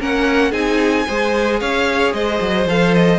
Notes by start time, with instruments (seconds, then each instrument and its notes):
0.00 cello A#3, viola C#4, violin A#4 F#5
0.52 cello C4, viola D#4, violin G#4 G#5
1.07 cello G#3, viola G#4, violin C5
1.60 cello C#4, violin C#5 F5
2.13 cello G#3, violin C5 D#5
2.41 cello F#3
2.66 cello F3, viola A4, violin F5
2.94 violin D#5